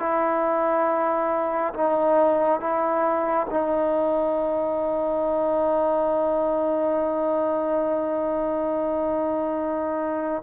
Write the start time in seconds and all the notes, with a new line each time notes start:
0.00 E4
1.74 D#4
2.60 E4
3.51 D#4